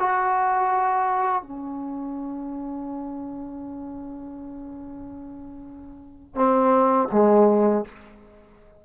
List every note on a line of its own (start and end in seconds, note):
0.00 1.43 F#4
1.43 6.36 C#4
6.36 7.09 C4
7.12 7.85 G#3